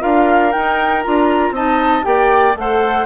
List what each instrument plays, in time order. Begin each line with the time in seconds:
0.00 bassoon D4, clarinet F4, oboe A#4, flute F5
0.51 clarinet D#4, bassoon D#4, flute G5
1.02 bassoon D4, clarinet F4, flute A#5
1.50 bassoon C4, clarinet D#4, oboe D#5, flute A5
2.02 bassoon A#3, clarinet G4, oboe D5, flute G5
2.55 bassoon A3, clarinet A4, oboe C5, flute F#5